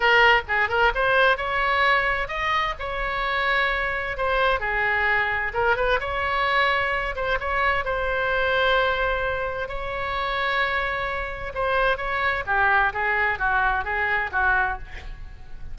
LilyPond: \new Staff \with { instrumentName = "oboe" } { \time 4/4 \tempo 4 = 130 ais'4 gis'8 ais'8 c''4 cis''4~ | cis''4 dis''4 cis''2~ | cis''4 c''4 gis'2 | ais'8 b'8 cis''2~ cis''8 c''8 |
cis''4 c''2.~ | c''4 cis''2.~ | cis''4 c''4 cis''4 g'4 | gis'4 fis'4 gis'4 fis'4 | }